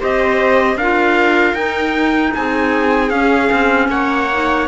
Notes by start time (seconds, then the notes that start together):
0.00 C4 G4 C5 D#5
0.76 D4 A#4 F5
0.82 F4
1.54 D#4 G5
2.34 C4 G#4 G#5
3.10 C#4 F5
3.53 C4
3.88 A#3 C#5 F#5
4.32 D#4